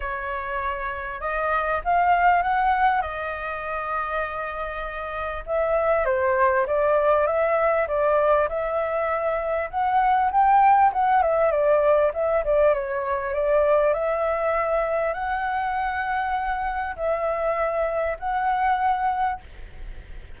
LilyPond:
\new Staff \with { instrumentName = "flute" } { \time 4/4 \tempo 4 = 99 cis''2 dis''4 f''4 | fis''4 dis''2.~ | dis''4 e''4 c''4 d''4 | e''4 d''4 e''2 |
fis''4 g''4 fis''8 e''8 d''4 | e''8 d''8 cis''4 d''4 e''4~ | e''4 fis''2. | e''2 fis''2 | }